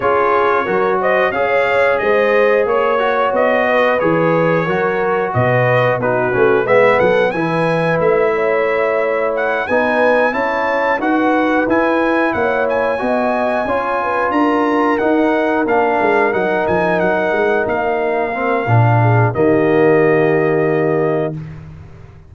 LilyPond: <<
  \new Staff \with { instrumentName = "trumpet" } { \time 4/4 \tempo 4 = 90 cis''4. dis''8 f''4 dis''4 | cis''4 dis''4 cis''2 | dis''4 b'4 e''8 fis''8 gis''4 | e''2 fis''8 gis''4 a''8~ |
a''8 fis''4 gis''4 fis''8 gis''4~ | gis''4. ais''4 fis''4 f''8~ | f''8 fis''8 gis''8 fis''4 f''4.~ | f''4 dis''2. | }
  \new Staff \with { instrumentName = "horn" } { \time 4/4 gis'4 ais'8 c''8 cis''4 c''4 | cis''4. b'4. ais'4 | b'4 fis'4 b'8 a'8 b'4~ | b'8 cis''2 b'4 cis''8~ |
cis''8 b'2 cis''4 dis''8~ | dis''8 cis''8 b'8 ais'2~ ais'8~ | ais'1~ | ais'8 gis'8 g'2. | }
  \new Staff \with { instrumentName = "trombone" } { \time 4/4 f'4 fis'4 gis'2~ | gis'8 fis'4. gis'4 fis'4~ | fis'4 dis'8 cis'8 b4 e'4~ | e'2~ e'8 dis'4 e'8~ |
e'8 fis'4 e'2 fis'8~ | fis'8 f'2 dis'4 d'8~ | d'8 dis'2. c'8 | d'4 ais2. | }
  \new Staff \with { instrumentName = "tuba" } { \time 4/4 cis'4 fis4 cis'4 gis4 | ais4 b4 e4 fis4 | b,4 b8 a8 gis8 fis8 e4 | a2~ a8 b4 cis'8~ |
cis'8 dis'4 e'4 ais4 b8~ | b8 cis'4 d'4 dis'4 ais8 | gis8 fis8 f8 fis8 gis8 ais4. | ais,4 dis2. | }
>>